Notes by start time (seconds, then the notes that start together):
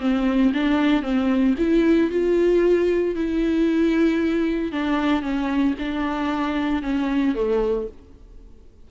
0.00 C4
0.54 D4
1.02 C4
1.58 E4
2.11 F4
3.15 E4
4.72 D4
5.22 C#4
5.79 D4
6.83 C#4
7.35 A3